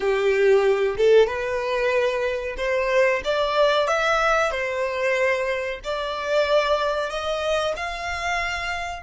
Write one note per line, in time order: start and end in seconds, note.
0.00 0.96 G4
0.97 1.26 A4
1.26 2.55 B4
2.57 3.21 C5
3.24 3.87 D5
3.87 4.51 E5
4.51 5.80 C5
5.84 7.09 D5
7.09 7.74 D#5
7.76 9.02 F5